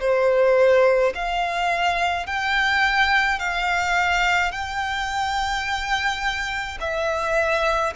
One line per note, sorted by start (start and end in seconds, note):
0.00 1.13 C5
1.15 2.26 F5
2.26 3.39 G5
3.39 4.52 F5
4.52 6.78 G5
6.81 7.94 E5